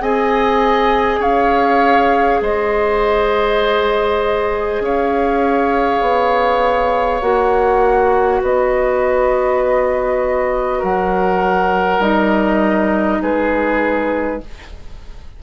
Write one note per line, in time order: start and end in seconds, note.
0.00 1.19 C4
0.00 7.21 G#4
0.00 1.20 D#5
0.00 1.22 G#5
1.19 2.39 C#4
1.19 2.40 C#5
1.19 2.42 F5
2.41 4.80 G#3
2.41 4.82 C5
2.41 4.83 D#5
4.80 6.00 C#4
4.80 8.41 C#5
4.80 7.21 F5
6.01 7.21 B3
7.21 8.41 A#3
7.21 12.01 F#4
7.21 8.41 F#5
8.41 10.82 B3
8.41 10.78 B4
8.41 10.83 D#5
10.78 11.99 F#3
10.78 13.18 A#4
10.78 12.02 F#5
11.99 13.19 G3
11.99 14.41 D#4
11.99 13.21 D#5
13.21 14.41 G#3
13.21 14.42 G#4
13.21 14.42 B4